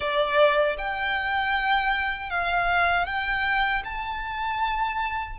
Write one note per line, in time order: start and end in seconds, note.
0.00 0.76 D5
0.78 2.30 G5
2.30 3.06 F5
3.06 3.83 G5
3.84 5.38 A5